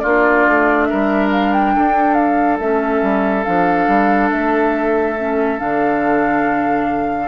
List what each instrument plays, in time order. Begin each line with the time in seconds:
0.00 bassoon A#3, clarinet D4, oboe F4, flute D5
0.47 bassoon A3
0.85 oboe A#4, flute E5
0.92 bassoon G3
1.32 flute F5
1.53 flute G5
1.76 bassoon D4, oboe A4
2.14 flute F5
2.60 bassoon A3, clarinet C#4, flute E5
3.02 bassoon G3
3.44 bassoon F3, clarinet D4, flute F5
3.88 bassoon G3
4.31 bassoon A3, flute E5
5.18 clarinet C#4
5.59 bassoon D3, clarinet D4, flute F5